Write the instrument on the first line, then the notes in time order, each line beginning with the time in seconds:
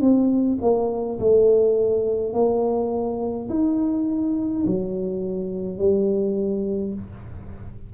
tuba
0.00 C4
0.61 A#3
1.19 A3
2.33 A#3
3.49 D#4
4.66 F#3
5.78 G3